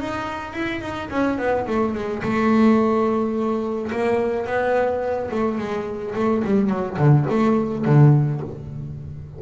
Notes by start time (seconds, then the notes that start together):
0.00 D#4
0.54 E4
0.82 D#4
1.11 C#4
1.39 B3
1.67 A3
1.95 G#3
2.23 A3
3.92 A#3
4.46 B3
5.31 A3
5.58 G#3
6.15 A3
6.45 G3
6.70 F#3
6.98 D3
7.30 A3
7.85 D3